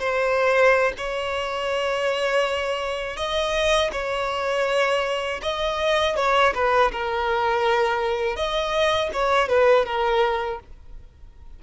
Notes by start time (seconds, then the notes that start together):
0.00 C5
0.98 C#5
3.16 D#5
3.93 C#5
5.42 D#5
6.16 C#5
6.55 B4
6.92 A#4
8.36 D#5
9.13 C#5
9.49 B4
9.86 A#4